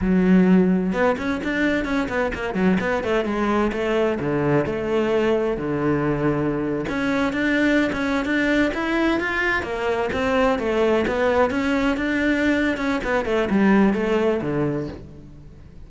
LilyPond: \new Staff \with { instrumentName = "cello" } { \time 4/4 \tempo 4 = 129 fis2 b8 cis'8 d'4 | cis'8 b8 ais8 fis8 b8 a8 gis4 | a4 d4 a2 | d2~ d8. cis'4 d'16~ |
d'4 cis'8. d'4 e'4 f'16~ | f'8. ais4 c'4 a4 b16~ | b8. cis'4 d'4.~ d'16 cis'8 | b8 a8 g4 a4 d4 | }